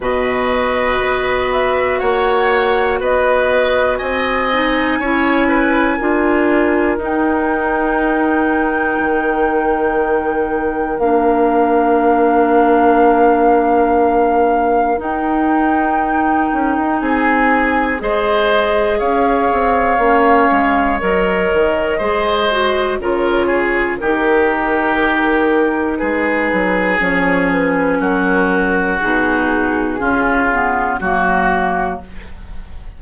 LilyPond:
<<
  \new Staff \with { instrumentName = "flute" } { \time 4/4 \tempo 4 = 60 dis''4. e''8 fis''4 dis''4 | gis''2. g''4~ | g''2. f''4~ | f''2. g''4~ |
g''4 gis''4 dis''4 f''4~ | f''4 dis''2 cis''4 | ais'2 b'4 cis''8 b'8 | ais'4 gis'2 fis'4 | }
  \new Staff \with { instrumentName = "oboe" } { \time 4/4 b'2 cis''4 b'4 | dis''4 cis''8 b'8 ais'2~ | ais'1~ | ais'1~ |
ais'4 gis'4 c''4 cis''4~ | cis''2 c''4 ais'8 gis'8 | g'2 gis'2 | fis'2 f'4 fis'4 | }
  \new Staff \with { instrumentName = "clarinet" } { \time 4/4 fis'1~ | fis'8 dis'8 e'4 f'4 dis'4~ | dis'2. d'4~ | d'2. dis'4~ |
dis'2 gis'2 | cis'4 ais'4 gis'8 fis'8 f'4 | dis'2. cis'4~ | cis'4 dis'4 cis'8 b8 ais4 | }
  \new Staff \with { instrumentName = "bassoon" } { \time 4/4 b,4 b4 ais4 b4 | c'4 cis'4 d'4 dis'4~ | dis'4 dis2 ais4~ | ais2. dis'4~ |
dis'8 cis'16 dis'16 c'4 gis4 cis'8 c'8 | ais8 gis8 fis8 dis8 gis4 cis4 | dis2 gis8 fis8 f4 | fis4 b,4 cis4 fis4 | }
>>